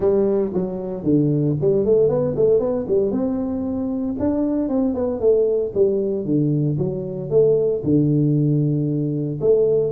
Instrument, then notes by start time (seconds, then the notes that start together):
tuba
0.00 G3
0.53 F#3
1.03 D3
1.60 G3
1.85 A3
2.08 B3
2.35 A3
2.59 B3
2.87 G3
3.11 C4
4.19 D4
4.69 C4
4.94 B3
5.20 A3
5.74 G3
6.25 D3
6.78 F#3
7.30 A3
7.83 D3
9.40 A3